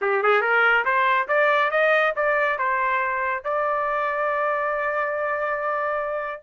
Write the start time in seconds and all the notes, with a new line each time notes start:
0.01 G4
0.23 G#4
0.41 A#4
0.84 C5
1.28 D5
1.70 D#5
2.15 D5
2.58 C5
3.44 D5